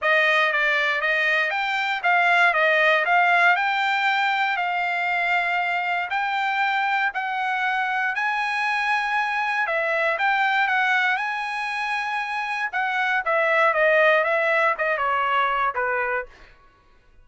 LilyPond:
\new Staff \with { instrumentName = "trumpet" } { \time 4/4 \tempo 4 = 118 dis''4 d''4 dis''4 g''4 | f''4 dis''4 f''4 g''4~ | g''4 f''2. | g''2 fis''2 |
gis''2. e''4 | g''4 fis''4 gis''2~ | gis''4 fis''4 e''4 dis''4 | e''4 dis''8 cis''4. b'4 | }